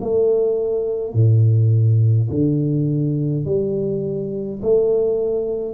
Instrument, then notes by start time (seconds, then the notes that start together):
tuba
0.00 A3
1.13 A2
2.30 D3
3.45 G3
4.62 A3